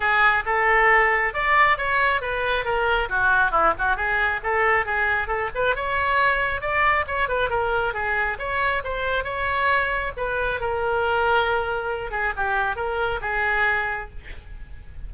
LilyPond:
\new Staff \with { instrumentName = "oboe" } { \time 4/4 \tempo 4 = 136 gis'4 a'2 d''4 | cis''4 b'4 ais'4 fis'4 | e'8 fis'8 gis'4 a'4 gis'4 | a'8 b'8 cis''2 d''4 |
cis''8 b'8 ais'4 gis'4 cis''4 | c''4 cis''2 b'4 | ais'2.~ ais'8 gis'8 | g'4 ais'4 gis'2 | }